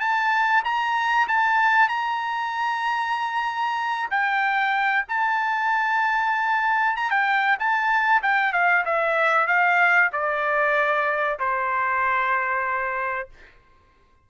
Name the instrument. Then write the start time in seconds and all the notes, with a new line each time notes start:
trumpet
0.00 A5
0.64 A#5
1.28 A5
1.88 A#5
4.11 G5
5.08 A5
6.96 A#5
7.10 G5
7.59 A5
8.22 G5
8.53 F5
8.85 E5
9.47 F5
10.13 D5
11.39 C5